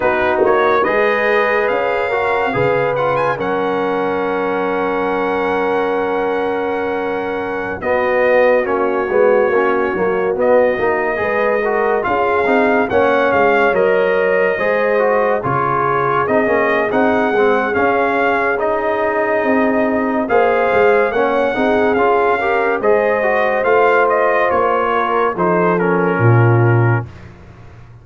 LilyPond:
<<
  \new Staff \with { instrumentName = "trumpet" } { \time 4/4 \tempo 4 = 71 b'8 cis''8 dis''4 f''4. fis''16 gis''16 | fis''1~ | fis''4~ fis''16 dis''4 cis''4.~ cis''16~ | cis''16 dis''2 f''4 fis''8 f''16~ |
f''16 dis''2 cis''4 dis''8. | fis''4 f''4 dis''2 | f''4 fis''4 f''4 dis''4 | f''8 dis''8 cis''4 c''8 ais'4. | }
  \new Staff \with { instrumentName = "horn" } { \time 4/4 fis'4 b'4. ais'8 b'4 | ais'1~ | ais'4~ ais'16 fis'2~ fis'8.~ | fis'4~ fis'16 b'8 ais'8 gis'4 cis''8.~ |
cis''4~ cis''16 c''4 gis'4.~ gis'16~ | gis'1 | c''4 cis''8 gis'4 ais'8 c''4~ | c''4. ais'8 a'4 f'4 | }
  \new Staff \with { instrumentName = "trombone" } { \time 4/4 dis'4 gis'4. fis'8 gis'8 f'8 | cis'1~ | cis'4~ cis'16 b4 cis'8 b8 cis'8 ais16~ | ais16 b8 dis'8 gis'8 fis'8 f'8 dis'8 cis'8.~ |
cis'16 ais'4 gis'8 fis'8 f'4 dis'16 cis'8 | dis'8 c'8 cis'4 dis'2 | gis'4 cis'8 dis'8 f'8 g'8 gis'8 fis'8 | f'2 dis'8 cis'4. | }
  \new Staff \with { instrumentName = "tuba" } { \time 4/4 b8 ais8 gis4 cis'4 cis4 | fis1~ | fis4~ fis16 b4 ais8 gis8 ais8 fis16~ | fis16 b8 ais8 gis4 cis'8 c'8 ais8 gis16~ |
gis16 fis4 gis4 cis4 c'16 ais8 | c'8 gis8 cis'2 c'4 | ais8 gis8 ais8 c'8 cis'4 gis4 | a4 ais4 f4 ais,4 | }
>>